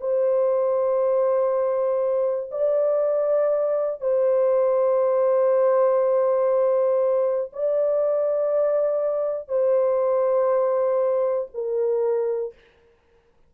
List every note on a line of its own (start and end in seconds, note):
0.00 2.50 C5
2.50 4.00 D5
4.00 7.50 C5
7.52 9.48 D5
9.48 11.48 C5
11.54 12.54 A#4